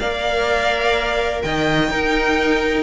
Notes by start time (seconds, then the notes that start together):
0.00 A#3 A#4 D5 F5
1.42 D#3 D#5 G5
1.90 D#4 A#4